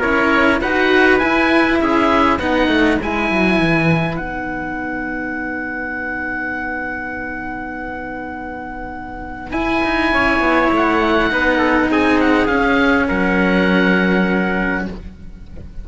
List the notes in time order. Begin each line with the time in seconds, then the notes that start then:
0.00 C#4 E4 A#4 C#5
0.61 D#4 F#4 B4 F#5
1.19 E4 G#5
1.81 C#4 G#4 E5
2.39 B3 D#4 B4 F#5
2.68 A3
3.02 G#3 E4 G#5
3.31 F#3
3.60 E3
4.16 B3 D#4 F#5
9.52 E4 G#5
9.84 D#4
10.13 C#4 C#5
10.40 B3
10.72 A3 F#5
11.30 B3 D#4 B4
11.58 A4
11.91 C4 G#4 G#5
12.20 F#5
12.47 C#4 F5
13.08 F#3 A#4 F#5